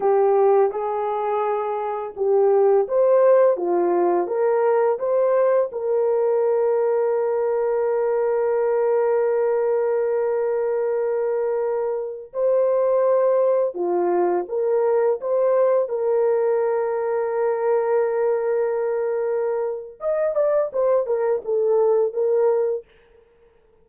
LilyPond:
\new Staff \with { instrumentName = "horn" } { \time 4/4 \tempo 4 = 84 g'4 gis'2 g'4 | c''4 f'4 ais'4 c''4 | ais'1~ | ais'1~ |
ais'4~ ais'16 c''2 f'8.~ | f'16 ais'4 c''4 ais'4.~ ais'16~ | ais'1 | dis''8 d''8 c''8 ais'8 a'4 ais'4 | }